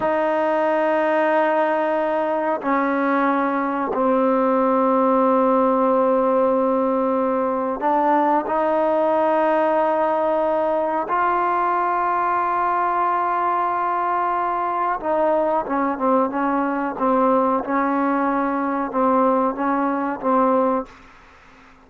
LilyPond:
\new Staff \with { instrumentName = "trombone" } { \time 4/4 \tempo 4 = 92 dis'1 | cis'2 c'2~ | c'1 | d'4 dis'2.~ |
dis'4 f'2.~ | f'2. dis'4 | cis'8 c'8 cis'4 c'4 cis'4~ | cis'4 c'4 cis'4 c'4 | }